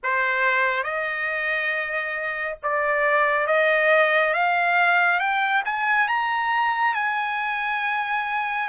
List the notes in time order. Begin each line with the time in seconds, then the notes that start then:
0.03 C5
0.83 D#5
2.62 D5
3.46 D#5
4.33 F5
5.19 G5
5.65 G#5
6.08 A#5
6.94 G#5